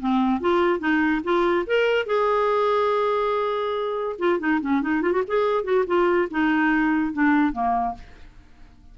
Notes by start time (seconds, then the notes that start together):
0.00 C4
0.41 F4
0.79 D#4
1.24 F4
1.67 A#4
2.06 G#4
4.19 F4
4.39 D#4
4.61 C#4
4.82 D#4
5.02 F4
5.12 F#4
5.28 G#4
5.64 F#4
5.87 F4
6.31 D#4
7.13 D4
7.53 A#3